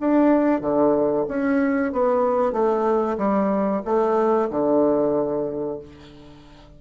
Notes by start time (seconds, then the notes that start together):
0.00 D4
0.61 D3
1.28 C#4
1.92 B3
2.52 A3
3.18 G3
3.85 A3
4.50 D3